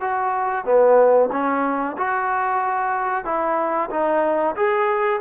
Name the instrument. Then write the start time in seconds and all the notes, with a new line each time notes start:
trombone
0.00 F#4
0.65 B3
1.31 C#4
1.97 F#4
3.25 E4
3.90 D#4
4.56 G#4